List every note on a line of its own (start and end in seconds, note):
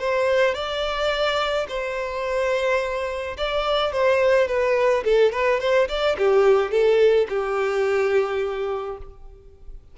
0.00 0.55 C5
0.55 1.67 D5
1.69 3.37 C5
3.38 3.93 D5
3.93 4.48 C5
4.48 5.04 B4
5.04 5.32 A4
5.32 5.60 B4
5.60 5.89 C5
5.89 6.17 D5
6.18 6.72 G4
6.72 7.28 A4
7.30 8.98 G4